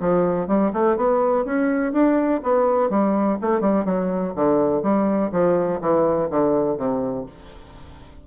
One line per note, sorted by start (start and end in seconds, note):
0.00 0.47 F3
0.47 0.71 G3
0.73 0.96 A3
0.96 1.45 B3
1.45 1.92 C#4
1.92 2.41 D4
2.43 2.90 B3
2.90 3.38 G3
3.41 3.60 A3
3.60 3.85 G3
3.85 4.33 F#3
4.35 4.82 D3
4.82 5.31 G3
5.32 5.80 F3
5.81 6.29 E3
6.30 6.77 D3
6.77 7.26 C3